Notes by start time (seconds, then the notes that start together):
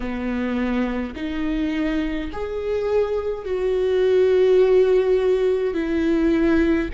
0.00 B3
1.15 D#4
2.32 G#4
3.45 F#4
5.74 E4